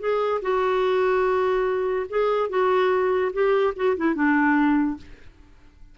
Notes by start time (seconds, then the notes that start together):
0.00 G#4
0.42 F#4
2.10 G#4
2.50 F#4
3.33 G4
3.76 F#4
3.97 E4
4.15 D4